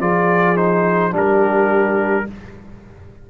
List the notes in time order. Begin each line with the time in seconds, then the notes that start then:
0.00 F3 F4 G#4 D5
0.56 D#4 C5
1.11 G3 D4 G4 A#4